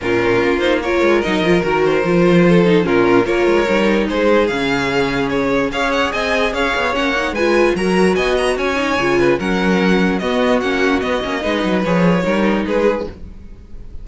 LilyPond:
<<
  \new Staff \with { instrumentName = "violin" } { \time 4/4 \tempo 4 = 147 ais'4. c''8 cis''4 dis''4 | ais'8 c''2~ c''8 ais'4 | cis''2 c''4 f''4~ | f''4 cis''4 f''8 fis''8 gis''4 |
f''4 fis''4 gis''4 ais''4 | gis''8 ais''8 gis''2 fis''4~ | fis''4 dis''4 fis''4 dis''4~ | dis''4 cis''2 b'4 | }
  \new Staff \with { instrumentName = "violin" } { \time 4/4 f'2 ais'2~ | ais'2 a'4 f'4 | ais'2 gis'2~ | gis'2 cis''4 dis''4 |
cis''2 b'4 ais'4 | dis''4 cis''4. b'8 ais'4~ | ais'4 fis'2. | b'2 ais'4 gis'4 | }
  \new Staff \with { instrumentName = "viola" } { \time 4/4 cis'4. dis'8 f'4 dis'8 f'8 | fis'4 f'4. dis'8 cis'4 | f'4 dis'2 cis'4~ | cis'2 gis'2~ |
gis'4 cis'8 dis'8 f'4 fis'4~ | fis'4. dis'8 f'4 cis'4~ | cis'4 b4 cis'4 b8 cis'8 | dis'4 gis'4 dis'2 | }
  \new Staff \with { instrumentName = "cello" } { \time 4/4 ais,4 ais4. gis8 fis8 f8 | dis4 f2 ais,4 | ais8 gis8 g4 gis4 cis4~ | cis2 cis'4 c'4 |
cis'8 b8 ais4 gis4 fis4 | b4 cis'4 cis4 fis4~ | fis4 b4 ais4 b8 ais8 | gis8 fis8 f4 g4 gis4 | }
>>